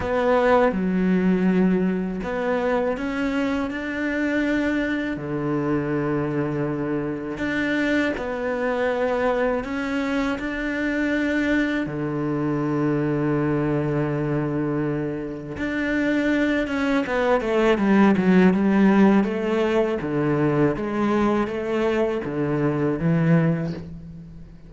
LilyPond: \new Staff \with { instrumentName = "cello" } { \time 4/4 \tempo 4 = 81 b4 fis2 b4 | cis'4 d'2 d4~ | d2 d'4 b4~ | b4 cis'4 d'2 |
d1~ | d4 d'4. cis'8 b8 a8 | g8 fis8 g4 a4 d4 | gis4 a4 d4 e4 | }